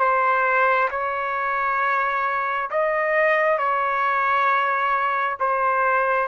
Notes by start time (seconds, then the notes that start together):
0.00 C5
0.91 C#5
2.70 D#5
3.59 C#5
5.40 C5